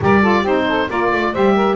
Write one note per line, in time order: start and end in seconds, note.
0.00 0.44 G3
0.00 0.22 G4
0.00 0.21 A#4
0.00 0.47 D5
0.21 0.44 F4
0.21 0.40 A4
0.40 0.88 C4
0.40 0.89 D#4
0.40 0.62 G4
0.47 0.90 C5
0.67 0.88 A4
0.88 1.12 A#3
0.88 1.33 F4
0.88 1.10 A#4
0.88 1.34 D5
1.12 1.34 A3
1.12 1.32 D5
1.32 1.76 G3
1.32 1.76 G4
1.32 1.54 C5
1.32 1.76 E5
1.55 1.76 A#4